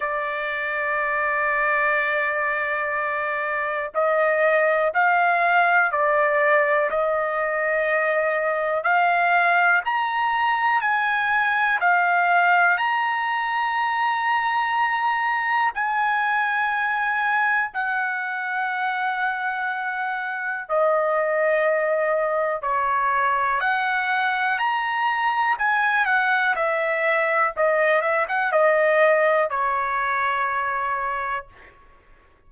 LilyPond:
\new Staff \with { instrumentName = "trumpet" } { \time 4/4 \tempo 4 = 61 d''1 | dis''4 f''4 d''4 dis''4~ | dis''4 f''4 ais''4 gis''4 | f''4 ais''2. |
gis''2 fis''2~ | fis''4 dis''2 cis''4 | fis''4 ais''4 gis''8 fis''8 e''4 | dis''8 e''16 fis''16 dis''4 cis''2 | }